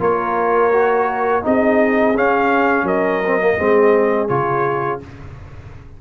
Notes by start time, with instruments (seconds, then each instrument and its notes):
0.00 tuba A#3, trombone F4, horn A#4, trumpet C#5
0.73 trombone F#4
1.43 tuba C4, trombone D#4, horn G#4, trumpet D#5
2.16 tuba C#4, trombone C#4, trumpet F5
2.83 tuba F#3, horn A#4, trumpet D#5
3.27 trombone C4
3.40 trombone A#3
3.58 tuba G#3, trombone C4, horn G#4
4.29 tuba C#3, trombone F4, trumpet C#5